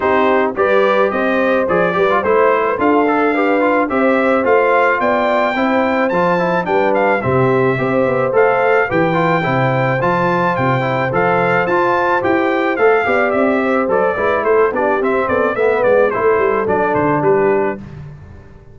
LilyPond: <<
  \new Staff \with { instrumentName = "trumpet" } { \time 4/4 \tempo 4 = 108 c''4 d''4 dis''4 d''4 | c''4 f''2 e''4 | f''4 g''2 a''4 | g''8 f''8 e''2 f''4 |
g''2 a''4 g''4 | f''4 a''4 g''4 f''4 | e''4 d''4 c''8 d''8 e''8 d''8 | e''8 d''8 c''4 d''8 c''8 b'4 | }
  \new Staff \with { instrumentName = "horn" } { \time 4/4 g'4 b'4 c''4. b'8 | c''8. b'16 a'4 b'4 c''4~ | c''4 d''4 c''2 | b'4 g'4 c''2 |
b'4 c''2.~ | c''2.~ c''8 d''8~ | d''8 c''4 b'8 a'8 g'4 a'8 | b'4 a'2 g'4 | }
  \new Staff \with { instrumentName = "trombone" } { \time 4/4 dis'4 g'2 gis'8 g'16 f'16 | e'4 f'8 a'8 g'8 f'8 g'4 | f'2 e'4 f'8 e'8 | d'4 c'4 g'4 a'4 |
g'8 f'8 e'4 f'4. e'8 | a'4 f'4 g'4 a'8 g'8~ | g'4 a'8 e'4 d'8 c'4 | b4 e'4 d'2 | }
  \new Staff \with { instrumentName = "tuba" } { \time 4/4 c'4 g4 c'4 f8 g8 | a4 d'2 c'4 | a4 b4 c'4 f4 | g4 c4 c'8 b8 a4 |
e4 c4 f4 c4 | f4 f'4 e'4 a8 b8 | c'4 fis8 gis8 a8 b8 c'8 b8 | a8 gis8 a8 g8 fis8 d8 g4 | }
>>